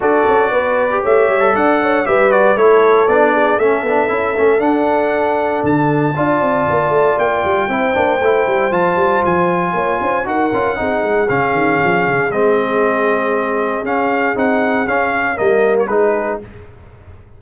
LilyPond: <<
  \new Staff \with { instrumentName = "trumpet" } { \time 4/4 \tempo 4 = 117 d''2 e''4 fis''4 | e''8 d''8 cis''4 d''4 e''4~ | e''4 fis''2 a''4~ | a''2 g''2~ |
g''4 a''4 gis''2 | fis''2 f''2 | dis''2. f''4 | fis''4 f''4 dis''8. cis''16 b'4 | }
  \new Staff \with { instrumentName = "horn" } { \time 4/4 a'4 b'4 cis''4 d''8 cis''8 | b'4 a'4. gis'8 a'4~ | a'1 | d''2. c''4~ |
c''2. cis''8 c''8 | ais'4 gis'2.~ | gis'1~ | gis'2 ais'4 gis'4 | }
  \new Staff \with { instrumentName = "trombone" } { \time 4/4 fis'4.~ fis'16 g'4 a'4~ a'16 | g'8 fis'8 e'4 d'4 cis'8 d'8 | e'8 cis'8 d'2. | f'2. e'8 d'8 |
e'4 f'2. | fis'8 f'8 dis'4 cis'2 | c'2. cis'4 | dis'4 cis'4 ais4 dis'4 | }
  \new Staff \with { instrumentName = "tuba" } { \time 4/4 d'8 cis'8 b4 a8 g8 d'4 | g4 a4 b4 a8 b8 | cis'8 a8 d'2 d4 | d'8 c'8 ais8 a8 ais8 g8 c'8 ais8 |
a8 g8 f8 g8 f4 ais8 cis'8 | dis'8 cis'8 c'8 gis8 cis8 dis8 f8 cis8 | gis2. cis'4 | c'4 cis'4 g4 gis4 | }
>>